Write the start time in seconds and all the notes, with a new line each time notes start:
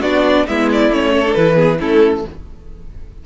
0.00 B3 D4 F#4 D5
0.46 G#3 B3 E4 E5
0.72 D5
0.90 A3 C#4 C#5
1.12 A4
1.25 D4
1.33 E3 E4 B4
1.55 B3 G#4
1.79 A3 C#4 E4 A4